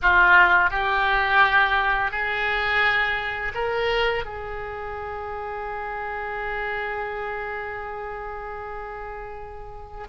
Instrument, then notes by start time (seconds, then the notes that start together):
oboe
0.02 F4
0.70 G4
2.11 G#4
3.54 A#4
4.24 G#4